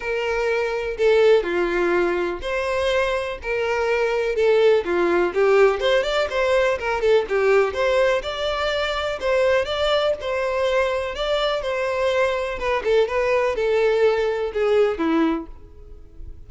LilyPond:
\new Staff \with { instrumentName = "violin" } { \time 4/4 \tempo 4 = 124 ais'2 a'4 f'4~ | f'4 c''2 ais'4~ | ais'4 a'4 f'4 g'4 | c''8 d''8 c''4 ais'8 a'8 g'4 |
c''4 d''2 c''4 | d''4 c''2 d''4 | c''2 b'8 a'8 b'4 | a'2 gis'4 e'4 | }